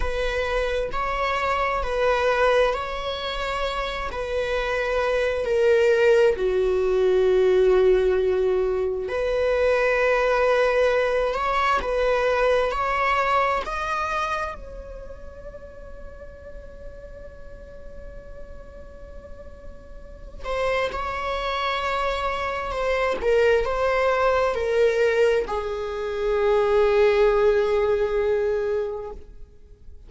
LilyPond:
\new Staff \with { instrumentName = "viola" } { \time 4/4 \tempo 4 = 66 b'4 cis''4 b'4 cis''4~ | cis''8 b'4. ais'4 fis'4~ | fis'2 b'2~ | b'8 cis''8 b'4 cis''4 dis''4 |
cis''1~ | cis''2~ cis''8 c''8 cis''4~ | cis''4 c''8 ais'8 c''4 ais'4 | gis'1 | }